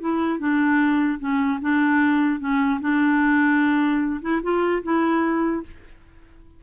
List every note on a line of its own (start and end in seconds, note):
0.00 0.39 E4
0.39 1.19 D4
1.19 1.59 C#4
1.61 2.39 D4
2.39 2.79 C#4
2.80 4.20 D4
4.21 4.41 E4
4.42 4.82 F4
4.83 5.63 E4